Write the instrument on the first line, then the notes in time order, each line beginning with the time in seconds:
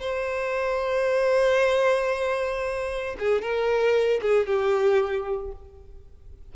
violin
0.00 C5
3.19 G#4
3.41 A#4
4.22 G#4
4.46 G4